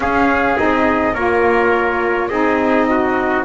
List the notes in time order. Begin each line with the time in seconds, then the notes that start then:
0.00 C#4 G#4 F5
0.56 C4 D#4 D#5
1.13 A#3 F4 A#4 C#5
2.28 C4 D#4 G#4 D#5
2.90 F#4